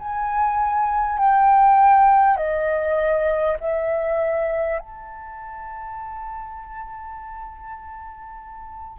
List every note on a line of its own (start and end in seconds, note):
0.00 1.19 G#5
1.19 2.37 G5
2.37 3.57 D#5
3.61 4.79 E5
4.79 8.99 A5